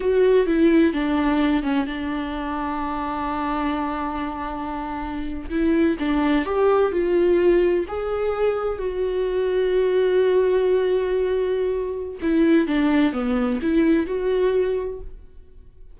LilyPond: \new Staff \with { instrumentName = "viola" } { \time 4/4 \tempo 4 = 128 fis'4 e'4 d'4. cis'8 | d'1~ | d'2.~ d'8. e'16~ | e'8. d'4 g'4 f'4~ f'16~ |
f'8. gis'2 fis'4~ fis'16~ | fis'1~ | fis'2 e'4 d'4 | b4 e'4 fis'2 | }